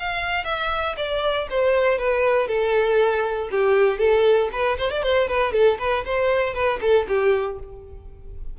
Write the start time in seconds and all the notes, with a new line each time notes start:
0.00 F5
0.45 E5
0.97 D5
1.50 C5
1.99 B4
2.48 A4
3.51 G4
3.99 A4
4.53 B4
4.78 C5
4.91 D5
5.03 C5
5.28 B4
5.53 A4
5.79 B4
6.05 C5
6.55 B4
6.82 A4
7.08 G4